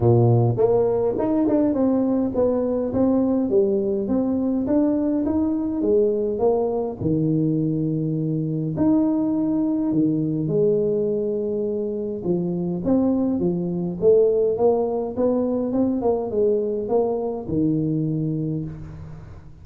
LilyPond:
\new Staff \with { instrumentName = "tuba" } { \time 4/4 \tempo 4 = 103 ais,4 ais4 dis'8 d'8 c'4 | b4 c'4 g4 c'4 | d'4 dis'4 gis4 ais4 | dis2. dis'4~ |
dis'4 dis4 gis2~ | gis4 f4 c'4 f4 | a4 ais4 b4 c'8 ais8 | gis4 ais4 dis2 | }